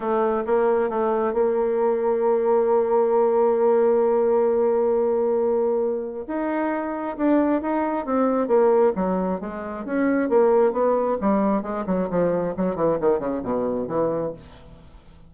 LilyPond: \new Staff \with { instrumentName = "bassoon" } { \time 4/4 \tempo 4 = 134 a4 ais4 a4 ais4~ | ais1~ | ais1~ | ais2 dis'2 |
d'4 dis'4 c'4 ais4 | fis4 gis4 cis'4 ais4 | b4 g4 gis8 fis8 f4 | fis8 e8 dis8 cis8 b,4 e4 | }